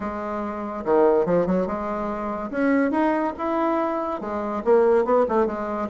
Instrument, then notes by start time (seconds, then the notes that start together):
bassoon
0.00 G#3
0.84 D#3
1.25 F3
1.46 F#3
1.66 G#3
2.50 C#4
2.91 D#4
3.38 E4
4.20 G#3
4.64 A#3
5.04 B3
5.28 A3
5.46 G#3